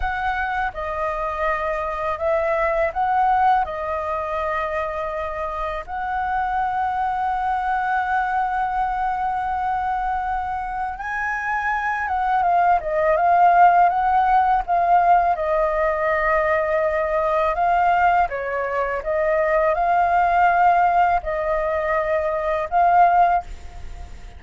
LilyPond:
\new Staff \with { instrumentName = "flute" } { \time 4/4 \tempo 4 = 82 fis''4 dis''2 e''4 | fis''4 dis''2. | fis''1~ | fis''2. gis''4~ |
gis''8 fis''8 f''8 dis''8 f''4 fis''4 | f''4 dis''2. | f''4 cis''4 dis''4 f''4~ | f''4 dis''2 f''4 | }